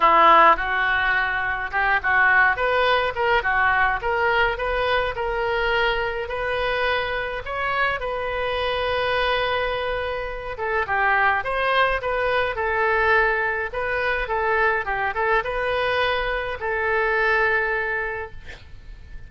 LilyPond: \new Staff \with { instrumentName = "oboe" } { \time 4/4 \tempo 4 = 105 e'4 fis'2 g'8 fis'8~ | fis'8 b'4 ais'8 fis'4 ais'4 | b'4 ais'2 b'4~ | b'4 cis''4 b'2~ |
b'2~ b'8 a'8 g'4 | c''4 b'4 a'2 | b'4 a'4 g'8 a'8 b'4~ | b'4 a'2. | }